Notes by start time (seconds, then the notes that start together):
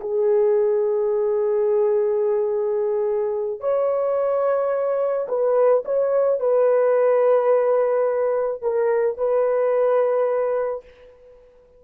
0.00 G#4
3.60 C#5
5.28 B4
5.85 C#5
6.40 B4
8.62 A#4
9.17 B4